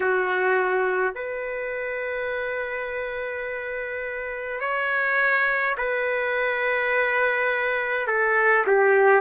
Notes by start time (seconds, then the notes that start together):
0.00 F#4
1.14 B4
4.60 C#5
5.77 B4
8.07 A4
8.66 G4